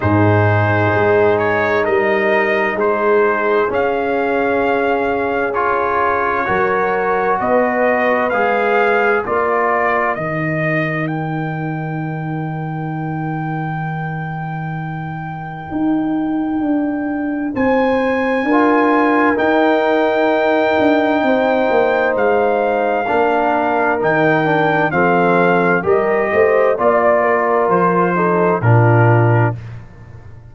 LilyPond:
<<
  \new Staff \with { instrumentName = "trumpet" } { \time 4/4 \tempo 4 = 65 c''4. cis''8 dis''4 c''4 | f''2 cis''2 | dis''4 f''4 d''4 dis''4 | g''1~ |
g''2. gis''4~ | gis''4 g''2. | f''2 g''4 f''4 | dis''4 d''4 c''4 ais'4 | }
  \new Staff \with { instrumentName = "horn" } { \time 4/4 gis'2 ais'4 gis'4~ | gis'2. ais'4 | b'2 ais'2~ | ais'1~ |
ais'2. c''4 | ais'2. c''4~ | c''4 ais'2 a'4 | ais'8 c''8 d''8 ais'4 a'8 f'4 | }
  \new Staff \with { instrumentName = "trombone" } { \time 4/4 dis'1 | cis'2 f'4 fis'4~ | fis'4 gis'4 f'4 dis'4~ | dis'1~ |
dis'1 | f'4 dis'2.~ | dis'4 d'4 dis'8 d'8 c'4 | g'4 f'4. dis'8 d'4 | }
  \new Staff \with { instrumentName = "tuba" } { \time 4/4 gis,4 gis4 g4 gis4 | cis'2. fis4 | b4 gis4 ais4 dis4~ | dis1~ |
dis4 dis'4 d'4 c'4 | d'4 dis'4. d'8 c'8 ais8 | gis4 ais4 dis4 f4 | g8 a8 ais4 f4 ais,4 | }
>>